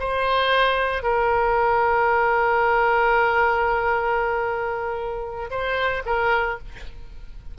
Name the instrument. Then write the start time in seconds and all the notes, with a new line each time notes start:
oboe
0.00 C5
1.03 A#4
5.50 C5
6.06 A#4